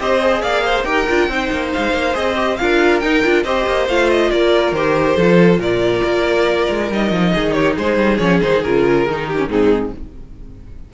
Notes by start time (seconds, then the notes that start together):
0.00 C4 G4 C5 D#5
0.20 G#4
0.42 A#3 D5 F5
0.65 C5
0.84 D#4 G4 A#4 G5
1.10 D4 F4
1.28 C4 D#4 C5
1.52 A#3
1.74 G#3 F5
1.93 A#3
2.13 C4 G#4 D#5
2.36 G4
2.57 D4 F4 A#4 F5
3.00 D#4 G5
3.24 D4 F4
3.44 C4 G4 C5 D#5
3.67 A#3
3.89 A3 F4 F5
4.10 D#5
4.31 A#3 A#4 D5
4.72 D#3 G4 C5
5.16 F3 F4 A4
5.58 A#2 A#4 D5
6.04 A#3
6.70 G#3
6.91 G3 D#4 D#5
7.12 F3
7.34 D#3 G#4
7.53 G4 C#5
7.76 G#3 G#4 C5
7.97 G3
8.18 F3 C#4 C#5
8.42 D#3 D#4 C5
8.64 C#3 F4 A#4
9.07 D#3 D#4
9.28 G4
9.38 C#4
9.48 G#2 C4 D#4 G#4